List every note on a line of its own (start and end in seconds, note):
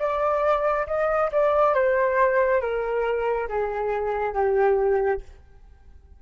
0.00 0.87 D5
0.87 1.31 D#5
1.32 1.75 D5
1.75 2.62 C5
2.62 3.49 A#4
3.49 4.34 G#4
4.34 5.21 G4